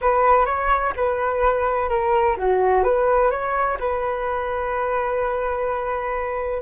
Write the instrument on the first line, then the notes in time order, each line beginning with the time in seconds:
flute
0.01 B4
0.45 C#5
0.96 B4
1.89 A#4
2.37 F#4
2.83 B4
3.30 C#5
3.79 B4